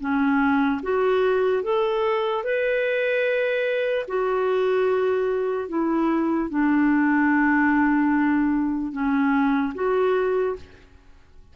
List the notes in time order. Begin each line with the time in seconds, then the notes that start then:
0.00 C#4
0.83 F#4
1.63 A4
2.44 B4
4.08 F#4
5.69 E4
6.50 D4
8.92 C#4
9.75 F#4